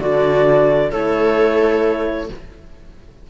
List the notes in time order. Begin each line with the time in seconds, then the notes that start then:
0.00 D3 D4 F#4 D5
0.91 A3 E4 A4 C#5